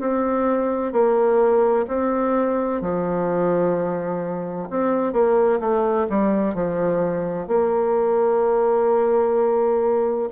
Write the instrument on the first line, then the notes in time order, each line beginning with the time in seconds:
bassoon
0.00 C4
0.92 A#3
1.88 C4
2.81 F3
4.70 C4
5.13 A#3
5.60 A3
6.10 G3
6.55 F3
7.48 A#3